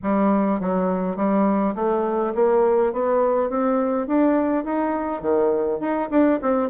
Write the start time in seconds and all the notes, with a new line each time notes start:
0.03 G3
0.60 F#3
1.16 G3
1.75 A3
2.34 A#3
2.92 B3
3.50 C4
4.07 D4
4.64 D#4
5.21 D#3
5.80 D#4
6.10 D4
6.42 C4